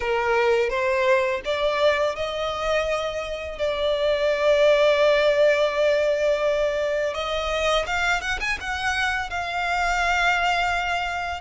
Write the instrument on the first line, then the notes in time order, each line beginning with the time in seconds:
violin
0.00 A#4
0.69 C5
1.44 D5
2.15 D#5
3.58 D5
7.14 D#5
7.86 F5
8.21 F#5
8.40 G#5
8.60 F#5
9.30 F5